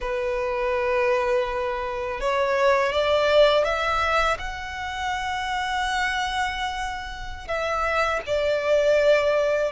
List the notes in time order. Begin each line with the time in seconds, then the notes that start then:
0.00 B4
2.20 C#5
2.92 D5
3.64 E5
4.38 F#5
7.47 E5
8.26 D5